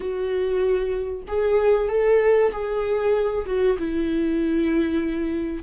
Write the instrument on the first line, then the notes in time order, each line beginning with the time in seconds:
viola
0.00 F#4
1.27 G#4
1.89 A4
2.51 G#4
3.45 F#4
3.78 E4